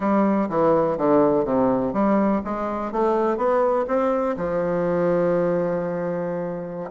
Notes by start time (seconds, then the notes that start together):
0.00 G3
0.49 E3
0.97 D3
1.45 C3
1.93 G3
2.44 G#3
2.92 A3
3.37 B3
3.87 C4
4.36 F3